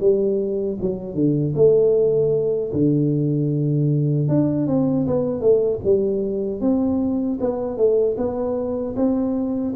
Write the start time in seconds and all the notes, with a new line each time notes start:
0.00 G3
0.80 F#3
1.14 D3
1.55 A3
2.72 D3
4.28 D4
4.67 C4
5.07 B3
5.40 A3
5.84 G3
6.61 C4
7.40 B3
7.77 A3
8.17 B3
8.96 C4